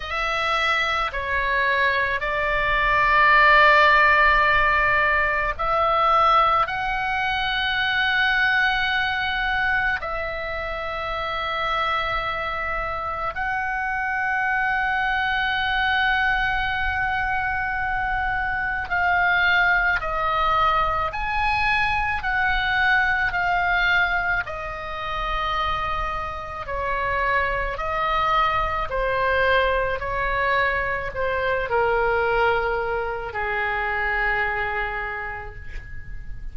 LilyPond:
\new Staff \with { instrumentName = "oboe" } { \time 4/4 \tempo 4 = 54 e''4 cis''4 d''2~ | d''4 e''4 fis''2~ | fis''4 e''2. | fis''1~ |
fis''4 f''4 dis''4 gis''4 | fis''4 f''4 dis''2 | cis''4 dis''4 c''4 cis''4 | c''8 ais'4. gis'2 | }